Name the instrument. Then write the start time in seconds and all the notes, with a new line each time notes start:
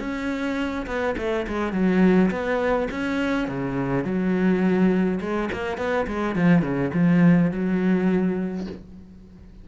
cello
0.00 C#4
0.87 B3
1.18 A3
1.48 G#3
1.73 F#3
2.31 B3
2.91 C#4
3.48 C#3
4.05 F#3
5.21 G#3
5.53 A#3
5.78 B3
6.08 G#3
6.36 F3
6.62 C#3
6.94 F3
7.52 F#3